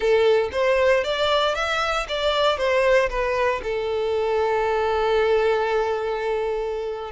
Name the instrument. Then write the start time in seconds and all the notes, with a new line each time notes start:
violin
0.00 A4
0.52 C5
1.03 D5
1.54 E5
2.08 D5
2.57 C5
3.09 B4
3.63 A4